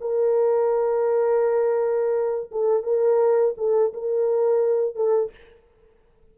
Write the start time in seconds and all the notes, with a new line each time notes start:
0.00 A#4
2.51 A4
2.83 A#4
3.57 A4
3.93 A#4
4.95 A4